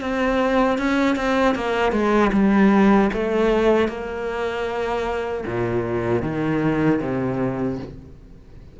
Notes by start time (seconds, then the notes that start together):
0.00 C4
0.78 C#4
1.15 C4
1.54 A#3
1.92 G#3
2.32 G3
3.13 A3
3.88 A#3
5.46 A#2
6.22 D#3
7.01 C3